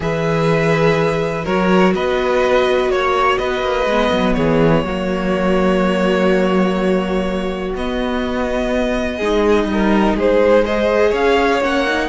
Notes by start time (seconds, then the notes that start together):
0.00 E3 G#4 B4 E5
1.44 F#3 F#4 A#4 C#5
1.94 B3 B4 D#5
2.89 A#3 C#5
3.38 B3 B4 D#5
3.61 A#3
3.85 G#3 B3
4.11 F#3
4.34 E3 G#4 C#5
4.83 F#3 A#3 F#4
7.75 B3 D#5
9.16 G#3 D#4 G#4
9.65 G3
9.71 A#4
10.15 G#3 G#4 C5
10.64 G#4 C5 D#5
11.09 C#4 C#5 F5
11.61 A#3 C#4 F#5
11.87 D#4